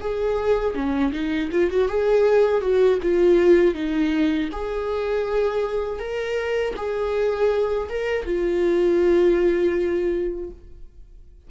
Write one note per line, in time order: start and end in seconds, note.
0.00 0.74 G#4
0.74 1.12 C#4
1.12 1.49 D#4
1.51 1.70 F4
1.70 1.88 F#4
1.88 2.61 G#4
2.61 2.98 F#4
3.02 3.74 F4
3.74 4.49 D#4
4.52 5.99 G#4
5.99 6.74 A#4
6.76 7.89 G#4
7.89 8.25 A#4
8.25 10.50 F4